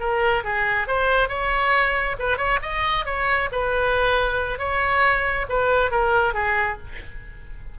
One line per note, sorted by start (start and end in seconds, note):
0.00 0.44 A#4
0.44 0.87 G#4
0.87 1.29 C5
1.29 2.16 C#5
2.19 2.37 B4
2.37 2.59 C#5
2.63 3.06 D#5
3.06 3.49 C#5
3.52 4.59 B4
4.59 5.46 C#5
5.49 5.91 B4
5.91 6.34 A#4
6.34 6.78 G#4